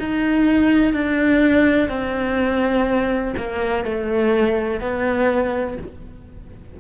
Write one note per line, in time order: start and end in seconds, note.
0.00 0.94 D#4
0.94 1.89 D4
1.89 3.34 C4
3.37 3.85 A#3
3.85 4.81 A3
4.81 5.78 B3